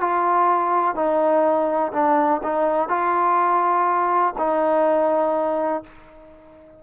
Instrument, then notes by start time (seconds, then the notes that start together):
trombone
0.00 F4
0.95 D#4
1.92 D4
2.43 D#4
2.89 F4
4.38 D#4